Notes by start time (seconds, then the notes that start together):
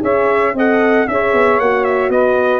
0.00 C#4 G#4 C#5 E5
0.54 C4 A4 D#5 F#5
1.08 C#4 G#4 C#5 E5
1.33 B3
1.58 A#3 F#4 F#5
1.84 E5
2.09 B3 B4 D#5